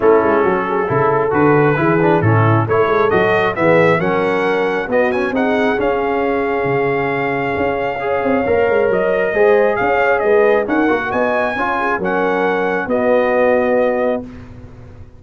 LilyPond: <<
  \new Staff \with { instrumentName = "trumpet" } { \time 4/4 \tempo 4 = 135 a'2. b'4~ | b'4 a'4 cis''4 dis''4 | e''4 fis''2 dis''8 gis''8 | fis''4 f''2.~ |
f''1 | dis''2 f''4 dis''4 | fis''4 gis''2 fis''4~ | fis''4 dis''2. | }
  \new Staff \with { instrumentName = "horn" } { \time 4/4 e'4 fis'8 gis'8 a'2 | gis'4 e'4 a'2 | gis'4 ais'2 fis'4 | gis'1~ |
gis'2 cis''2~ | cis''4 c''4 cis''4 b'4 | ais'4 dis''4 cis''8 gis'8 ais'4~ | ais'4 fis'2. | }
  \new Staff \with { instrumentName = "trombone" } { \time 4/4 cis'2 e'4 fis'4 | e'8 d'8 cis'4 e'4 fis'4 | b4 cis'2 b8 cis'8 | dis'4 cis'2.~ |
cis'2 gis'4 ais'4~ | ais'4 gis'2. | cis'8 fis'4. f'4 cis'4~ | cis'4 b2. | }
  \new Staff \with { instrumentName = "tuba" } { \time 4/4 a8 gis8 fis4 cis4 d4 | e4 a,4 a8 gis8 fis4 | e4 fis2 b4 | c'4 cis'2 cis4~ |
cis4 cis'4. c'8 ais8 gis8 | fis4 gis4 cis'4 gis4 | dis'8 ais8 b4 cis'4 fis4~ | fis4 b2. | }
>>